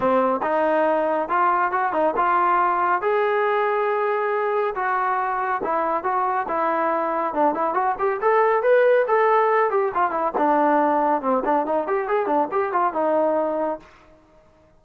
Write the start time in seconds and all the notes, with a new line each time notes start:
0.00 C4
0.42 D#4
1.28 F4
1.71 F#4
1.92 D#4
2.16 F4
3.01 G#4
4.75 F#4
5.63 E4
6.03 F#4
6.48 E4
7.34 D4
7.54 E4
7.74 F#4
7.98 G4
8.21 A4
8.62 B4
9.07 A4
9.70 G4
9.94 F4
10.10 E4
10.37 D4
11.21 C4
11.44 D4
11.65 D#4
11.87 G4
12.08 G#4
12.26 D4
12.51 G4
12.72 F4
12.93 D#4